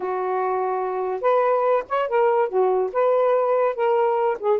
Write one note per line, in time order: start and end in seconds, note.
0.00 1.20 F#4
1.21 1.83 B4
1.89 2.08 C#5
2.08 2.48 A#4
2.48 2.90 F#4
2.93 3.75 B4
3.75 4.37 A#4
4.39 4.59 G#4